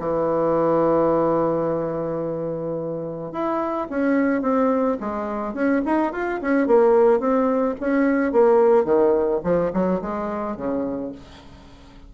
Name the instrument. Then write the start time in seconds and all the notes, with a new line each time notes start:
bassoon
0.00 E3
3.32 E4
3.90 C#4
4.42 C4
5.00 G#3
5.54 C#4
5.85 D#4
6.12 F4
6.41 C#4
6.67 A#3
7.19 C4
7.80 C#4
8.32 A#3
8.85 D#3
9.44 F3
9.73 F#3
10.02 G#3
10.56 C#3